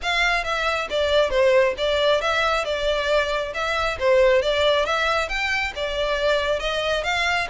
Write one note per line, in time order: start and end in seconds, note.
0.02 0.44 F5
0.44 0.88 E5
0.90 1.30 D5
1.30 1.74 C5
1.77 2.21 D5
2.21 2.65 E5
2.65 3.53 D5
3.53 3.97 E5
3.99 4.42 C5
4.42 4.85 D5
4.85 5.28 E5
5.28 5.72 G5
5.75 6.59 D5
6.59 7.03 D#5
7.03 7.47 F5